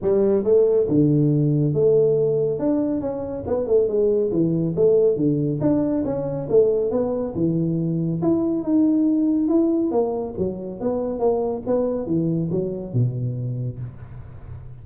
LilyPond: \new Staff \with { instrumentName = "tuba" } { \time 4/4 \tempo 4 = 139 g4 a4 d2 | a2 d'4 cis'4 | b8 a8 gis4 e4 a4 | d4 d'4 cis'4 a4 |
b4 e2 e'4 | dis'2 e'4 ais4 | fis4 b4 ais4 b4 | e4 fis4 b,2 | }